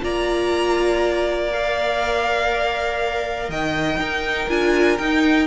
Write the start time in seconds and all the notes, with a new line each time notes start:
0.00 A#3 F4 D5 A#5
1.52 A#4 F5
3.48 D#3 D#5 G5
3.97 D#4 A#4
4.49 D4 F4 G#5
4.97 D#4 G5